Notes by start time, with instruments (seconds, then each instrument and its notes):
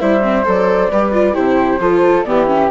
0.00 bassoon G3, viola E4, flute C5 E5
0.22 viola C4
0.45 bassoon F#3, viola A4, flute D5
0.90 bassoon G3, viola G4, flute B4
1.13 viola F4
1.33 bassoon C3, viola E4, flute G4 C5
1.80 bassoon F3, viola F4, flute A4
2.23 bassoon E3, viola B3, flute G4 D5
2.47 viola C#4, flute E5